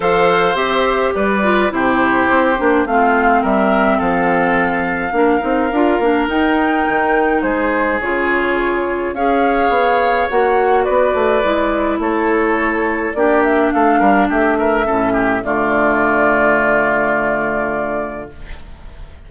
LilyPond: <<
  \new Staff \with { instrumentName = "flute" } { \time 4/4 \tempo 4 = 105 f''4 e''4 d''4 c''4~ | c''4 f''4 e''4 f''4~ | f''2. g''4~ | g''4 c''4 cis''2 |
f''2 fis''4 d''4~ | d''4 cis''2 d''8 e''8 | f''4 e''2 d''4~ | d''1 | }
  \new Staff \with { instrumentName = "oboe" } { \time 4/4 c''2 b'4 g'4~ | g'4 f'4 ais'4 a'4~ | a'4 ais'2.~ | ais'4 gis'2. |
cis''2. b'4~ | b'4 a'2 g'4 | a'8 ais'8 g'8 ais'8 a'8 g'8 f'4~ | f'1 | }
  \new Staff \with { instrumentName = "clarinet" } { \time 4/4 a'4 g'4. f'8 e'4~ | e'8 d'8 c'2.~ | c'4 d'8 dis'8 f'8 d'8 dis'4~ | dis'2 f'2 |
gis'2 fis'2 | e'2. d'4~ | d'2 cis'4 a4~ | a1 | }
  \new Staff \with { instrumentName = "bassoon" } { \time 4/4 f4 c'4 g4 c4 | c'8 ais8 a4 g4 f4~ | f4 ais8 c'8 d'8 ais8 dis'4 | dis4 gis4 cis2 |
cis'4 b4 ais4 b8 a8 | gis4 a2 ais4 | a8 g8 a4 a,4 d4~ | d1 | }
>>